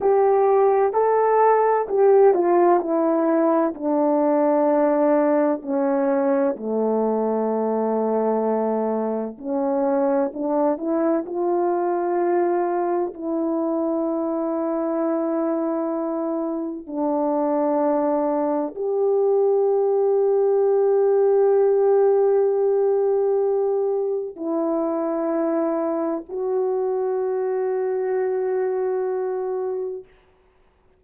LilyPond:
\new Staff \with { instrumentName = "horn" } { \time 4/4 \tempo 4 = 64 g'4 a'4 g'8 f'8 e'4 | d'2 cis'4 a4~ | a2 cis'4 d'8 e'8 | f'2 e'2~ |
e'2 d'2 | g'1~ | g'2 e'2 | fis'1 | }